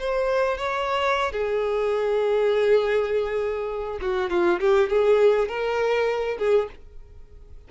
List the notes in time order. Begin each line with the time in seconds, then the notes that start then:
0.00 C5
0.58 C#5
1.32 G#4
4.02 F#4
4.30 F4
4.60 G4
4.90 G#4
5.49 A#4
6.39 G#4